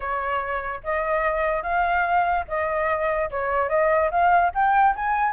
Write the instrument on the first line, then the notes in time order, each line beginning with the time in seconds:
flute
0.00 C#5
0.83 D#5
1.63 F5
2.48 D#5
3.30 C#5
3.69 D#5
4.10 F5
4.54 G5
4.95 G#5